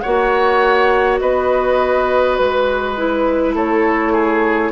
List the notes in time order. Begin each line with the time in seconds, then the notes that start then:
0.00 A#3 F#4 C#5 F#5
1.21 B3 B4 D#5
2.37 G#3 B4
2.97 E4
3.55 A3 A4 C#5
4.13 G#4